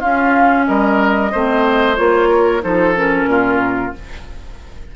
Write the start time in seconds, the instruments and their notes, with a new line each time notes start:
0.00 clarinet C#4, bassoon C#4, oboe F4, flute F5
0.66 bassoon G3, oboe A#4, flute D#5
1.32 bassoon A3, clarinet C4, oboe C5
1.96 bassoon A#3, clarinet F4, flute C#5
2.29 oboe A#4
2.61 bassoon F3, clarinet D#4, oboe A4, flute C5
2.96 clarinet C#4, flute A#4
3.26 bassoon A#2, oboe F4